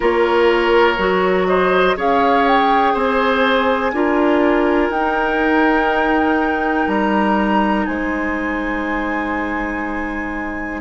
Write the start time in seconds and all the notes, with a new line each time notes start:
0.00 A#3 F4 A#4 C#5
0.98 F#3 F#4
1.47 C5 D#5
1.96 C#4 G#4 C#5 F5
2.47 G5
2.93 C4 C5 G#5
3.92 D4 F4 A#4
4.89 D#4 G5
6.87 G3 A#5
7.85 G#3 C5 G#5